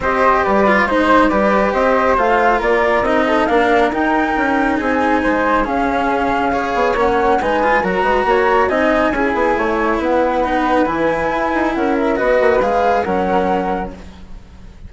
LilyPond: <<
  \new Staff \with { instrumentName = "flute" } { \time 4/4 \tempo 4 = 138 dis''4 d''4 c''4 d''4 | dis''4 f''4 d''4 dis''4 | f''4 g''2 gis''4~ | gis''4 f''2. |
fis''4 gis''4 ais''2 | gis''2. fis''4~ | fis''4 gis''2 fis''8 e''8 | dis''4 f''4 fis''2 | }
  \new Staff \with { instrumentName = "flute" } { \time 4/4 c''4 b'4 c''4 b'4 | c''2 ais'4. a'8 | ais'2. gis'4 | c''4 gis'2 cis''4~ |
cis''4 b'4 ais'8 b'8 cis''4 | dis''4 gis'4 cis''4 b'4~ | b'2. ais'4 | b'2 ais'2 | }
  \new Staff \with { instrumentName = "cello" } { \time 4/4 g'4. f'8 dis'4 g'4~ | g'4 f'2 dis'4 | d'4 dis'2.~ | dis'4 cis'2 gis'4 |
cis'4 dis'8 f'8 fis'2 | dis'4 e'2. | dis'4 e'2. | fis'4 gis'4 cis'2 | }
  \new Staff \with { instrumentName = "bassoon" } { \time 4/4 c'4 g4 gis4 g4 | c'4 a4 ais4 c'4 | ais4 dis'4 cis'4 c'4 | gis4 cis'2~ cis'8 b8 |
ais4 gis4 fis8 gis8 ais4 | c'4 cis'8 b8 a4 b4~ | b4 e4 e'8 dis'8 cis'4 | b8 ais8 gis4 fis2 | }
>>